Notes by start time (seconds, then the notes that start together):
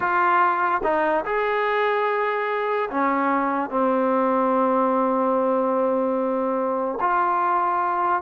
0.00 F4
0.83 D#4
1.25 G#4
2.90 C#4
3.69 C4
7.00 F4